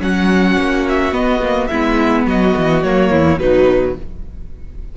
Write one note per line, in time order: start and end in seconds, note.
0.00 0.57 F#3
0.00 1.12 C#4
0.00 1.69 F#4
0.00 0.87 F#5
0.58 1.12 A#3
0.89 1.13 E5
1.12 1.40 B3
1.12 1.69 B3
1.12 1.67 D#5
1.42 1.71 A#3
1.67 2.26 G#3
1.67 2.85 B3
1.67 2.26 E4
1.67 2.24 E5
2.26 2.55 F#3
2.26 3.11 F#4
2.26 2.83 D#5
2.56 2.84 E3
2.83 3.11 F#3
2.83 3.39 A#3
2.83 3.39 C#5
3.11 3.39 E2
3.11 3.39 E4
3.39 3.96 B2
3.39 3.96 F#3
3.39 3.97 D#4
3.39 3.96 B4